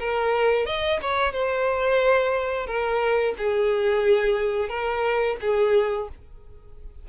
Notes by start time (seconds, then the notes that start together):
0.00 A#4
0.66 D#5
1.02 C#5
1.33 C5
2.67 A#4
3.38 G#4
4.69 A#4
5.41 G#4